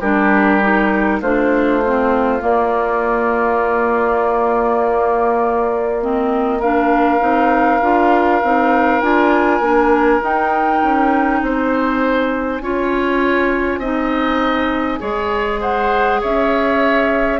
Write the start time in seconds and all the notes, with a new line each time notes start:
0.00 G3 D4 G4 A#4
0.61 D#4
1.21 A3 D4 F4 C5
1.85 C4
2.40 A#3 D5
6.01 C4 D#5
6.59 D4 A#4 F5
7.20 C4 D#4
7.82 D4 F4
8.43 C4 D#4
9.01 D4 F4 G#5
9.60 A#3 D4
10.21 D#4 G5
10.83 C#4
11.42 C4 C5 G#5
12.60 C#4 F4 C#5
13.78 C4 D#4 D#5
14.99 G#3 G#4 C#5
15.60 C5 F#5
16.21 C#4 C#5 E5